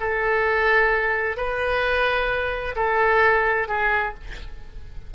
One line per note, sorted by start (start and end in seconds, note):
0.00 1.37 A4
1.37 2.75 B4
2.76 3.68 A4
3.68 4.14 G#4